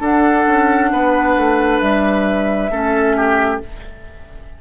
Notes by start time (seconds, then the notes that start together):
0.00 D4 A4 F#5
0.48 C#4
0.92 B3 B4
1.37 A3
1.80 G3 E5
2.71 A3 C#4 A4
3.17 G4